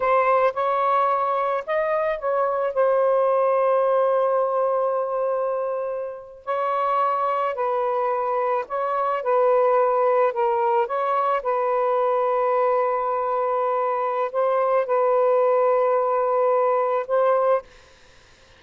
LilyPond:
\new Staff \with { instrumentName = "saxophone" } { \time 4/4 \tempo 4 = 109 c''4 cis''2 dis''4 | cis''4 c''2.~ | c''2.~ c''8. cis''16~ | cis''4.~ cis''16 b'2 cis''16~ |
cis''8. b'2 ais'4 cis''16~ | cis''8. b'2.~ b'16~ | b'2 c''4 b'4~ | b'2. c''4 | }